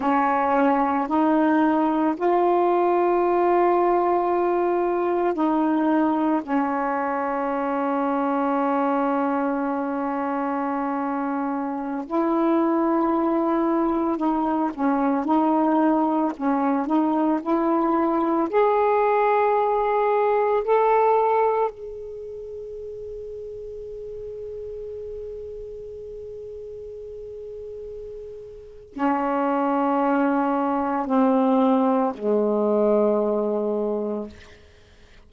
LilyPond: \new Staff \with { instrumentName = "saxophone" } { \time 4/4 \tempo 4 = 56 cis'4 dis'4 f'2~ | f'4 dis'4 cis'2~ | cis'2.~ cis'16 e'8.~ | e'4~ e'16 dis'8 cis'8 dis'4 cis'8 dis'16~ |
dis'16 e'4 gis'2 a'8.~ | a'16 gis'2.~ gis'8.~ | gis'2. cis'4~ | cis'4 c'4 gis2 | }